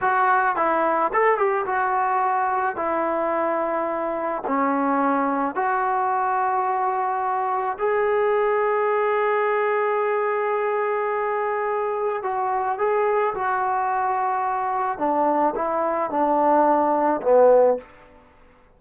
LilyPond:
\new Staff \with { instrumentName = "trombone" } { \time 4/4 \tempo 4 = 108 fis'4 e'4 a'8 g'8 fis'4~ | fis'4 e'2. | cis'2 fis'2~ | fis'2 gis'2~ |
gis'1~ | gis'2 fis'4 gis'4 | fis'2. d'4 | e'4 d'2 b4 | }